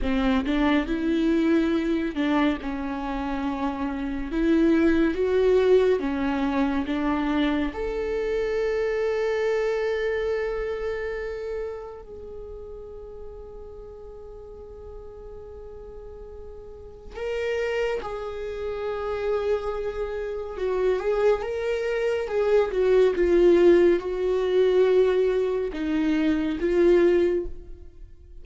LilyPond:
\new Staff \with { instrumentName = "viola" } { \time 4/4 \tempo 4 = 70 c'8 d'8 e'4. d'8 cis'4~ | cis'4 e'4 fis'4 cis'4 | d'4 a'2.~ | a'2 gis'2~ |
gis'1 | ais'4 gis'2. | fis'8 gis'8 ais'4 gis'8 fis'8 f'4 | fis'2 dis'4 f'4 | }